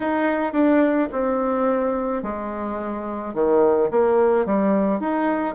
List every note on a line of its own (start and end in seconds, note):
0.00 0.53 D#4
0.53 1.08 D4
1.12 2.22 C4
2.22 3.33 G#3
3.33 3.89 D#3
3.90 4.45 A#3
4.45 5.00 G3
5.00 5.55 D#4